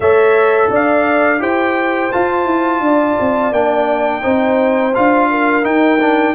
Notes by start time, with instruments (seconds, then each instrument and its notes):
0.00 tuba A3, trombone A4, horn C#5, trumpet E5
0.70 tuba D4, horn D5, trumpet F5
1.39 tuba E4, trombone G4, horn C5, trumpet G5
2.11 trombone F4, tuba F4, trumpet A5
2.45 tuba E4
2.80 tuba D4, horn D5
3.19 tuba C4
3.51 tuba A#3, trombone D4, trumpet G5
4.21 tuba C4, trombone D#4, horn C5
4.94 tuba D4, trombone F4, trumpet F5
5.30 horn A#4
5.62 trombone D#4, tuba D#4, trumpet G5
6.00 trombone D4